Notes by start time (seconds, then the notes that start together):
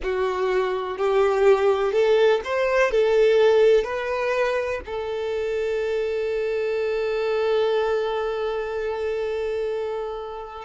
0.02 F#4
0.97 G4
1.92 A4
2.44 C5
2.91 A4
3.84 B4
4.85 A4